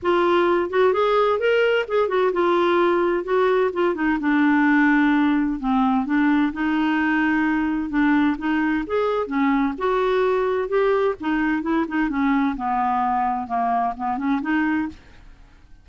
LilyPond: \new Staff \with { instrumentName = "clarinet" } { \time 4/4 \tempo 4 = 129 f'4. fis'8 gis'4 ais'4 | gis'8 fis'8 f'2 fis'4 | f'8 dis'8 d'2. | c'4 d'4 dis'2~ |
dis'4 d'4 dis'4 gis'4 | cis'4 fis'2 g'4 | dis'4 e'8 dis'8 cis'4 b4~ | b4 ais4 b8 cis'8 dis'4 | }